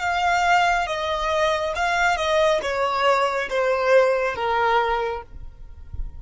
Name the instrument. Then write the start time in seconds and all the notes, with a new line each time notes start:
violin
0.00 F5
0.87 D#5
1.75 F5
2.17 D#5
2.62 C#5
3.49 C5
4.35 A#4